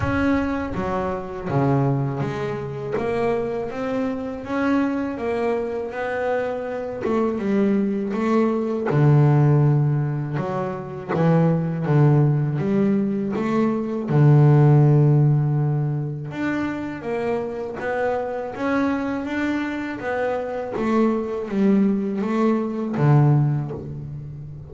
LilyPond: \new Staff \with { instrumentName = "double bass" } { \time 4/4 \tempo 4 = 81 cis'4 fis4 cis4 gis4 | ais4 c'4 cis'4 ais4 | b4. a8 g4 a4 | d2 fis4 e4 |
d4 g4 a4 d4~ | d2 d'4 ais4 | b4 cis'4 d'4 b4 | a4 g4 a4 d4 | }